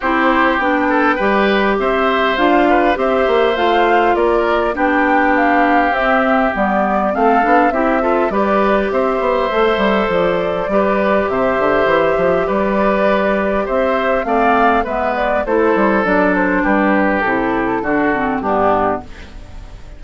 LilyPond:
<<
  \new Staff \with { instrumentName = "flute" } { \time 4/4 \tempo 4 = 101 c''4 g''2 e''4 | f''4 e''4 f''4 d''4 | g''4 f''4 e''4 d''4 | f''4 e''4 d''4 e''4~ |
e''4 d''2 e''4~ | e''4 d''2 e''4 | f''4 e''8 d''8 c''4 d''8 c''8 | b'4 a'2 g'4 | }
  \new Staff \with { instrumentName = "oboe" } { \time 4/4 g'4. a'8 b'4 c''4~ | c''8 b'8 c''2 ais'4 | g'1 | a'4 g'8 a'8 b'4 c''4~ |
c''2 b'4 c''4~ | c''4 b'2 c''4 | d''4 b'4 a'2 | g'2 fis'4 d'4 | }
  \new Staff \with { instrumentName = "clarinet" } { \time 4/4 e'4 d'4 g'2 | f'4 g'4 f'2 | d'2 c'4 b4 | c'8 d'8 e'8 f'8 g'2 |
a'2 g'2~ | g'1 | c'4 b4 e'4 d'4~ | d'4 e'4 d'8 c'8 b4 | }
  \new Staff \with { instrumentName = "bassoon" } { \time 4/4 c'4 b4 g4 c'4 | d'4 c'8 ais8 a4 ais4 | b2 c'4 g4 | a8 b8 c'4 g4 c'8 b8 |
a8 g8 f4 g4 c8 d8 | e8 f8 g2 c'4 | a4 gis4 a8 g8 fis4 | g4 c4 d4 g,4 | }
>>